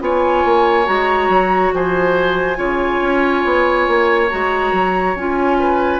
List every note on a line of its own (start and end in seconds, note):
0.00 0.44 B3
0.00 0.85 F4
0.00 1.74 C#5
0.00 0.86 G#5
0.44 0.87 A#3
0.85 1.29 G#3
0.85 2.56 F#4
0.85 1.72 A#5
1.29 1.71 F#3
1.72 2.57 F3
1.72 2.57 C5
1.72 4.29 G#5
2.56 3.00 C#3
2.56 4.27 F4
2.56 5.57 C#5
3.01 3.43 C#4
3.45 3.87 B3
3.87 4.30 A#3
4.29 4.72 G#3
4.29 5.15 F#4
4.29 5.15 A#5
4.72 5.15 F#3
5.15 6.00 C#4
5.15 6.00 F4
5.15 6.00 G#5
5.59 6.00 B4